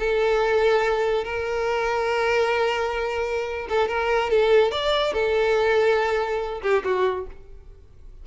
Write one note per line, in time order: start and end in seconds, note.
0.00 1.25 A4
1.25 3.68 A#4
3.70 3.89 A4
3.89 4.31 A#4
4.31 4.72 A4
4.72 5.14 D5
5.14 6.62 A4
6.62 6.84 G4
6.85 7.27 F#4